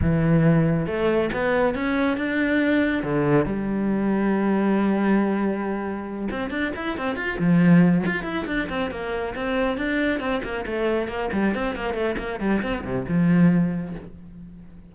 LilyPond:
\new Staff \with { instrumentName = "cello" } { \time 4/4 \tempo 4 = 138 e2 a4 b4 | cis'4 d'2 d4 | g1~ | g2~ g8 c'8 d'8 e'8 |
c'8 f'8 f4. f'8 e'8 d'8 | c'8 ais4 c'4 d'4 c'8 | ais8 a4 ais8 g8 c'8 ais8 a8 | ais8 g8 c'8 c8 f2 | }